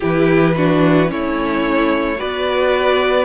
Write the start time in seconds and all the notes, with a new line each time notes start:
0.00 E3 E4 G4 B4
0.56 D4 F#4
1.06 A3 C#4 E4 C#5
2.17 B3 F#4 B4 D5